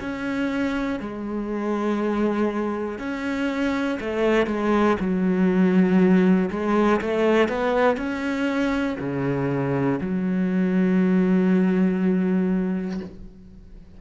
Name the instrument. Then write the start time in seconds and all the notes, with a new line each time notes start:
cello
0.00 C#4
1.00 G#3
2.99 C#4
4.00 A3
4.47 G#3
5.00 F#3
6.50 G#3
7.01 A3
7.49 B3
7.97 C#4
9.00 C#3
10.00 F#3